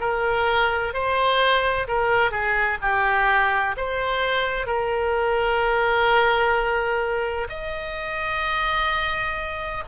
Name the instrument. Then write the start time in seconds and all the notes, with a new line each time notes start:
oboe
0.00 A#4
0.93 C5
1.87 A#4
2.31 G#4
2.82 G4
3.76 C5
4.66 A#4
7.49 D#5